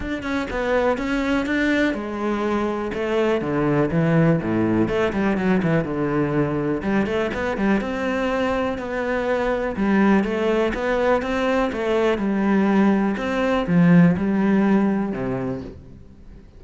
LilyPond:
\new Staff \with { instrumentName = "cello" } { \time 4/4 \tempo 4 = 123 d'8 cis'8 b4 cis'4 d'4 | gis2 a4 d4 | e4 a,4 a8 g8 fis8 e8 | d2 g8 a8 b8 g8 |
c'2 b2 | g4 a4 b4 c'4 | a4 g2 c'4 | f4 g2 c4 | }